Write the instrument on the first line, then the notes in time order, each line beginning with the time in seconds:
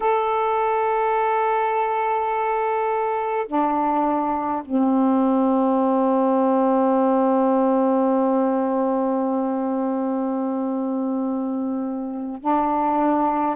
saxophone
0.00 A4
3.47 D4
4.65 C4
12.41 D4